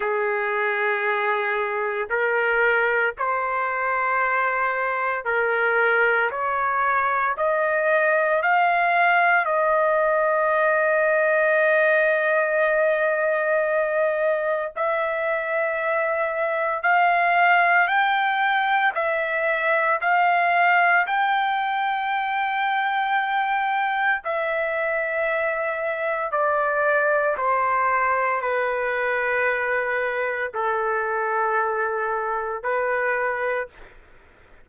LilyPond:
\new Staff \with { instrumentName = "trumpet" } { \time 4/4 \tempo 4 = 57 gis'2 ais'4 c''4~ | c''4 ais'4 cis''4 dis''4 | f''4 dis''2.~ | dis''2 e''2 |
f''4 g''4 e''4 f''4 | g''2. e''4~ | e''4 d''4 c''4 b'4~ | b'4 a'2 b'4 | }